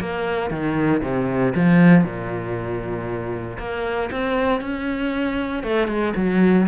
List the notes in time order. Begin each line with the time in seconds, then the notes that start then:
0.00 A#3
0.50 D#3
1.03 C3
1.55 F3
2.04 A#2
3.59 A#3
4.11 C4
4.61 C#4
5.63 A3
5.88 G#3
6.16 F#3